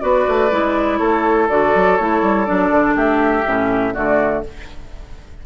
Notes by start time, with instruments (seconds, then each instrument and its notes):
0.00 bassoon B3, clarinet F#4, oboe B4, flute D5
0.28 bassoon A3
0.51 bassoon G#3, clarinet E4
0.98 bassoon A3, oboe A4, flute C#5
1.49 bassoon D3, clarinet F#4, flute D5
1.75 bassoon F#3
1.97 bassoon A3, clarinet E4, flute C#5
2.22 bassoon G3
2.45 bassoon F#3, clarinet D4, flute D5
2.70 bassoon D3
2.95 bassoon A3, oboe G4, flute E5
3.46 bassoon A2, clarinet C#4
3.94 bassoon D3, clarinet A3, oboe F#4, flute D5